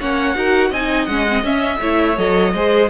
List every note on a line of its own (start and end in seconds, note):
0.00 0.35 A#3
0.00 0.36 C#4
0.00 0.37 C#5
0.00 0.73 F#5
0.35 0.71 D#4
0.35 0.72 F#4
0.35 0.70 A#4
0.70 1.08 C4
0.70 1.10 D#4
0.70 1.80 D#5
0.70 1.06 G#5
1.06 1.44 G#3
1.06 1.28 C#4
1.06 1.43 F#5
1.29 1.44 C4
1.44 1.80 C#4
1.44 1.81 C#4
1.44 2.18 E5
1.81 2.18 A3
1.81 2.17 E4
1.81 2.54 C#5
2.17 2.54 F#3
2.17 2.53 A4
2.17 2.91 D#5
2.54 2.91 G#3
2.54 2.91 G#4
2.54 2.91 C5